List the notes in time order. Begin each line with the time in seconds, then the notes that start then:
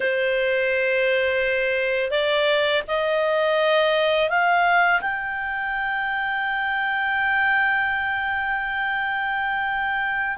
0.00 C5
2.10 D5
2.87 D#5
4.29 F5
5.01 G5